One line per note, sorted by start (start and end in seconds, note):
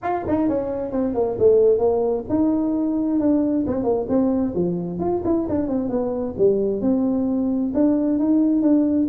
0.02 0.25 F4
0.27 0.48 D#4
0.48 0.91 C#4
0.91 1.14 C4
1.14 1.37 A#3
1.38 1.78 A3
1.78 2.24 A#3
2.29 3.19 D#4
3.19 3.65 D4
3.66 3.83 C4
3.83 4.06 A#3
4.08 4.54 C4
4.55 4.99 F3
4.99 5.22 F4
5.24 5.47 E4
5.48 5.68 D4
5.68 5.89 C4
5.89 6.34 B3
6.37 6.81 G3
6.81 7.72 C4
7.74 8.19 D4
8.19 8.61 D#4
8.61 9.07 D4